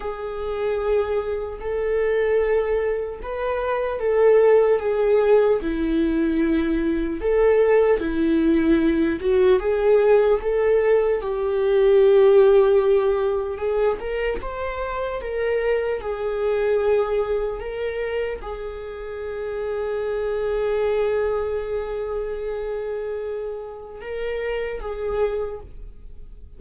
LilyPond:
\new Staff \with { instrumentName = "viola" } { \time 4/4 \tempo 4 = 75 gis'2 a'2 | b'4 a'4 gis'4 e'4~ | e'4 a'4 e'4. fis'8 | gis'4 a'4 g'2~ |
g'4 gis'8 ais'8 c''4 ais'4 | gis'2 ais'4 gis'4~ | gis'1~ | gis'2 ais'4 gis'4 | }